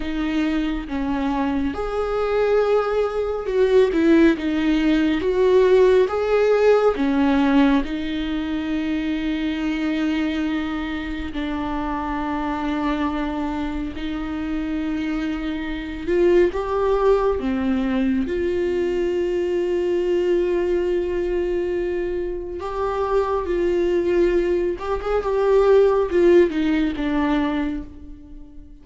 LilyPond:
\new Staff \with { instrumentName = "viola" } { \time 4/4 \tempo 4 = 69 dis'4 cis'4 gis'2 | fis'8 e'8 dis'4 fis'4 gis'4 | cis'4 dis'2.~ | dis'4 d'2. |
dis'2~ dis'8 f'8 g'4 | c'4 f'2.~ | f'2 g'4 f'4~ | f'8 g'16 gis'16 g'4 f'8 dis'8 d'4 | }